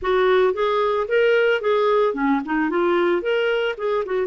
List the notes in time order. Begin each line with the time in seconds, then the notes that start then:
0.01 F#4
0.53 G#4
1.07 A#4
1.61 G#4
2.14 C#4
2.45 D#4
2.70 F4
3.21 A#4
3.77 G#4
4.05 F#4